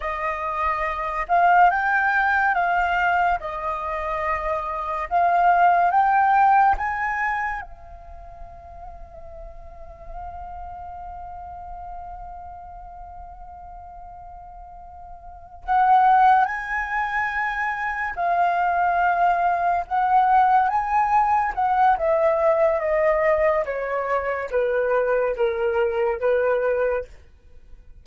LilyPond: \new Staff \with { instrumentName = "flute" } { \time 4/4 \tempo 4 = 71 dis''4. f''8 g''4 f''4 | dis''2 f''4 g''4 | gis''4 f''2.~ | f''1~ |
f''2~ f''8 fis''4 gis''8~ | gis''4. f''2 fis''8~ | fis''8 gis''4 fis''8 e''4 dis''4 | cis''4 b'4 ais'4 b'4 | }